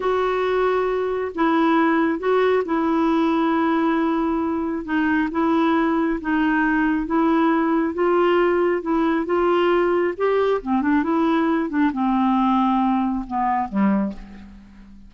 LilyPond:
\new Staff \with { instrumentName = "clarinet" } { \time 4/4 \tempo 4 = 136 fis'2. e'4~ | e'4 fis'4 e'2~ | e'2. dis'4 | e'2 dis'2 |
e'2 f'2 | e'4 f'2 g'4 | c'8 d'8 e'4. d'8 c'4~ | c'2 b4 g4 | }